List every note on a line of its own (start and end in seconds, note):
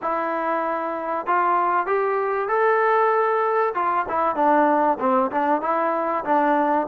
0.01 1.26 E4
1.26 1.86 F4
1.86 2.48 G4
2.48 3.73 A4
3.74 4.05 F4
4.08 4.35 E4
4.35 4.97 D4
4.99 5.31 C4
5.31 5.61 D4
5.61 6.24 E4
6.24 6.87 D4